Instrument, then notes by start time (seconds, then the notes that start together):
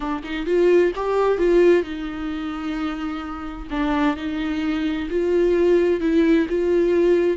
viola
0.00 D4
0.23 D#4
0.46 F4
0.95 G4
1.38 F4
1.83 D#4
3.70 D4
4.16 D#4
5.10 F4
6.00 E4
6.49 F4